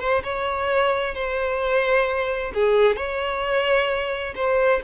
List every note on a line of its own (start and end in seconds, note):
0.00 0.23 C5
0.24 1.15 C#5
1.15 2.53 C5
2.55 2.97 G#4
2.97 4.34 C#5
4.36 4.82 C5